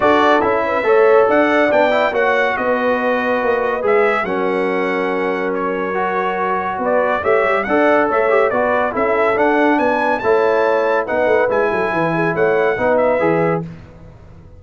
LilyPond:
<<
  \new Staff \with { instrumentName = "trumpet" } { \time 4/4 \tempo 4 = 141 d''4 e''2 fis''4 | g''4 fis''4 dis''2~ | dis''4 e''4 fis''2~ | fis''4 cis''2. |
d''4 e''4 fis''4 e''4 | d''4 e''4 fis''4 gis''4 | a''2 fis''4 gis''4~ | gis''4 fis''4. e''4. | }
  \new Staff \with { instrumentName = "horn" } { \time 4/4 a'4. b'8 cis''4 d''4~ | d''4 cis''4 b'2~ | b'2 ais'2~ | ais'1 |
b'4 cis''4 d''4 cis''4 | b'4 a'2 b'4 | cis''2 b'4. a'8 | b'8 gis'8 cis''4 b'2 | }
  \new Staff \with { instrumentName = "trombone" } { \time 4/4 fis'4 e'4 a'2 | d'8 e'8 fis'2.~ | fis'4 gis'4 cis'2~ | cis'2 fis'2~ |
fis'4 g'4 a'4. g'8 | fis'4 e'4 d'2 | e'2 dis'4 e'4~ | e'2 dis'4 gis'4 | }
  \new Staff \with { instrumentName = "tuba" } { \time 4/4 d'4 cis'4 a4 d'4 | b4 ais4 b2 | ais4 gis4 fis2~ | fis1 |
b4 a8 g8 d'4 a4 | b4 cis'4 d'4 b4 | a2 b8 a8 gis8 fis8 | e4 a4 b4 e4 | }
>>